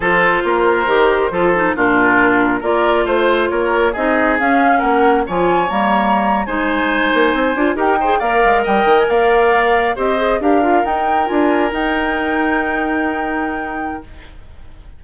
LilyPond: <<
  \new Staff \with { instrumentName = "flute" } { \time 4/4 \tempo 4 = 137 c''1 | ais'2 d''4 c''4 | cis''4 dis''4 f''4 fis''4 | gis''4 ais''4.~ ais''16 gis''4~ gis''16~ |
gis''4.~ gis''16 g''4 f''4 g''16~ | g''8 gis''16 f''2 dis''4 f''16~ | f''8. g''4 gis''4 g''4~ g''16~ | g''1 | }
  \new Staff \with { instrumentName = "oboe" } { \time 4/4 a'4 ais'2 a'4 | f'2 ais'4 c''4 | ais'4 gis'2 ais'4 | cis''2~ cis''8. c''4~ c''16~ |
c''4.~ c''16 ais'8 c''8 d''4 dis''16~ | dis''8. d''2 c''4 ais'16~ | ais'1~ | ais'1 | }
  \new Staff \with { instrumentName = "clarinet" } { \time 4/4 f'2 g'4 f'8 dis'8 | d'2 f'2~ | f'4 dis'4 cis'2 | f'4 ais4.~ ais16 dis'4~ dis'16~ |
dis'4~ dis'16 f'8 g'8 gis'8 ais'4~ ais'16~ | ais'2~ ais'8. g'8 gis'8 g'16~ | g'16 f'8 dis'4 f'4 dis'4~ dis'16~ | dis'1 | }
  \new Staff \with { instrumentName = "bassoon" } { \time 4/4 f4 ais4 dis4 f4 | ais,2 ais4 a4 | ais4 c'4 cis'4 ais4 | f4 g4.~ g16 gis4~ gis16~ |
gis16 ais8 c'8 d'8 dis'4 ais8 gis8 g16~ | g16 dis8 ais2 c'4 d'16~ | d'8. dis'4 d'4 dis'4~ dis'16~ | dis'1 | }
>>